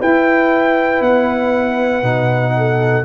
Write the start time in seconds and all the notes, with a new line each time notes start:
0.00 E4 B4 G5
1.01 B3 F#5
2.03 B2 D#4
2.57 A4